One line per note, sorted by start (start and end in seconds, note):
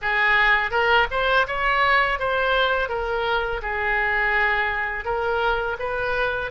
0.01 0.70 G#4
0.70 1.06 A#4
1.10 1.46 C5
1.47 2.19 C#5
2.19 2.88 C5
2.88 3.61 A#4
3.62 5.04 G#4
5.04 5.76 A#4
5.79 6.51 B4